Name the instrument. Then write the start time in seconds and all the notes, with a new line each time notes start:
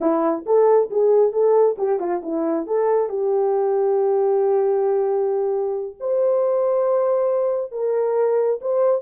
horn
0.01 E4
0.45 A4
0.90 G#4
1.32 A4
1.78 G4
1.99 F4
2.22 E4
2.67 A4
3.09 G4
5.99 C5
7.71 A#4
8.61 C5